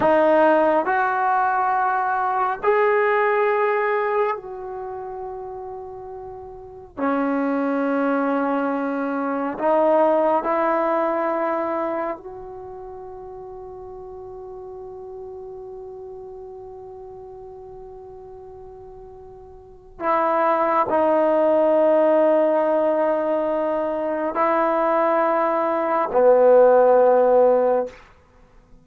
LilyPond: \new Staff \with { instrumentName = "trombone" } { \time 4/4 \tempo 4 = 69 dis'4 fis'2 gis'4~ | gis'4 fis'2. | cis'2. dis'4 | e'2 fis'2~ |
fis'1~ | fis'2. e'4 | dis'1 | e'2 b2 | }